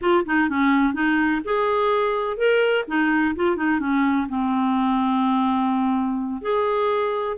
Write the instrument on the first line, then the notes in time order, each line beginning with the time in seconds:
clarinet
0.01 F4
0.25 D#4
0.49 C#4
0.93 D#4
1.44 G#4
2.37 A#4
2.87 D#4
3.35 F4
3.56 D#4
3.79 C#4
4.28 C4
6.41 G#4